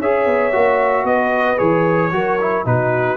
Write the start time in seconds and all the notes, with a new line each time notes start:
0.00 C#4 G#4 C#5 E5
0.26 B3
0.53 A#3 F#4
1.04 B3 B4 D#5
1.58 E3 G#4 C#5
2.12 F#3 F#4 A#4
2.41 E4
2.66 B2 D#4 F#4 B4